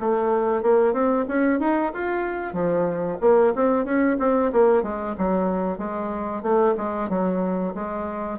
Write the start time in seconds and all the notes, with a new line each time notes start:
0.00 A3
0.63 A#3
0.93 C4
1.28 C#4
1.60 D#4
1.94 F4
2.53 F3
3.21 A#3
3.55 C4
3.85 C#4
4.19 C4
4.53 A#3
4.83 G#3
5.18 F#3
5.78 G#3
6.43 A3
6.77 G#3
7.10 F#3
7.75 G#3